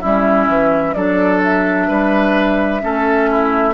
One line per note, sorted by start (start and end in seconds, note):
0.00 0.48 G3
0.00 0.96 C#4
0.00 0.94 E4
0.00 0.94 E5
0.48 0.95 E3
0.94 1.89 F#3
0.94 2.81 D4
0.94 1.88 A4
0.94 1.41 D5
1.44 3.74 E5
1.88 2.83 G3
1.88 2.81 B4
2.81 3.74 A3
2.81 3.74 C#4
2.81 3.30 A4
3.30 3.74 E4